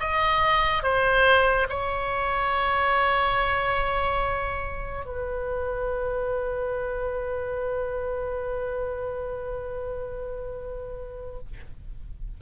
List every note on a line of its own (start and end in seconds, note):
0.00 0.83 D#5
0.83 1.67 C5
1.69 5.06 C#5
5.06 11.39 B4